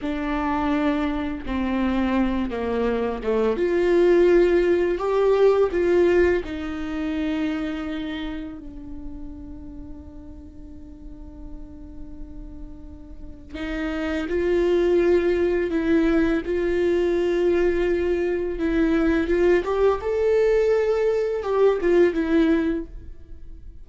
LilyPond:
\new Staff \with { instrumentName = "viola" } { \time 4/4 \tempo 4 = 84 d'2 c'4. ais8~ | ais8 a8 f'2 g'4 | f'4 dis'2. | d'1~ |
d'2. dis'4 | f'2 e'4 f'4~ | f'2 e'4 f'8 g'8 | a'2 g'8 f'8 e'4 | }